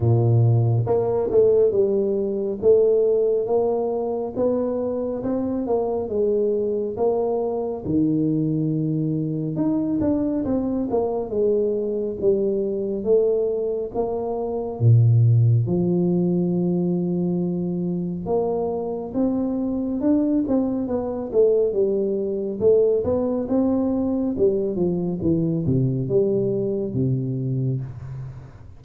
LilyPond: \new Staff \with { instrumentName = "tuba" } { \time 4/4 \tempo 4 = 69 ais,4 ais8 a8 g4 a4 | ais4 b4 c'8 ais8 gis4 | ais4 dis2 dis'8 d'8 | c'8 ais8 gis4 g4 a4 |
ais4 ais,4 f2~ | f4 ais4 c'4 d'8 c'8 | b8 a8 g4 a8 b8 c'4 | g8 f8 e8 c8 g4 c4 | }